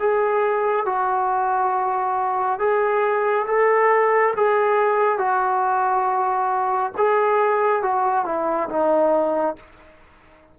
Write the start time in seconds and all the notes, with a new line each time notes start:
0.00 G#4
0.86 F#4
2.60 G#4
3.47 A4
4.37 G#4
5.19 F#4
6.97 G#4
7.83 F#4
8.26 E4
8.70 D#4